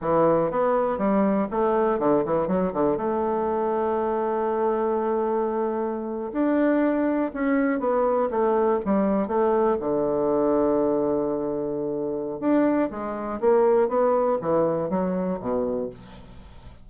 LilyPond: \new Staff \with { instrumentName = "bassoon" } { \time 4/4 \tempo 4 = 121 e4 b4 g4 a4 | d8 e8 fis8 d8 a2~ | a1~ | a8. d'2 cis'4 b16~ |
b8. a4 g4 a4 d16~ | d1~ | d4 d'4 gis4 ais4 | b4 e4 fis4 b,4 | }